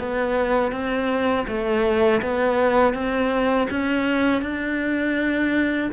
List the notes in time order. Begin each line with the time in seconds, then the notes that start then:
0.00 B3
0.72 C4
1.48 A3
2.22 B3
2.94 C4
3.70 C#4
4.42 D4